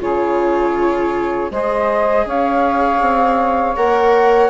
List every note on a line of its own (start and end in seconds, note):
0.00 1.51 C#3
0.00 1.50 F4
0.00 1.51 G#4
0.00 1.51 C#5
1.51 2.26 G#3
1.51 3.77 G#4
1.51 2.26 C5
1.51 2.28 D#5
2.26 3.01 C#4
2.26 4.50 C#5
2.26 3.76 F5
3.01 3.76 C4
3.76 4.50 A#3
3.76 4.50 A#4
3.76 4.50 F#5